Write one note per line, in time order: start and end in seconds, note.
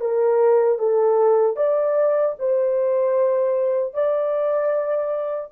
0.00 0.79 A#4
0.79 1.56 A4
1.56 2.35 D5
2.39 3.94 C5
3.94 5.52 D5